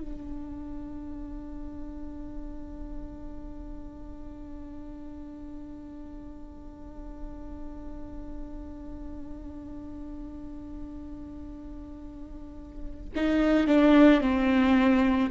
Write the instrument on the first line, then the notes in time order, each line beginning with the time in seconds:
viola
0.00 D4
13.16 D#4
13.67 D4
14.21 C4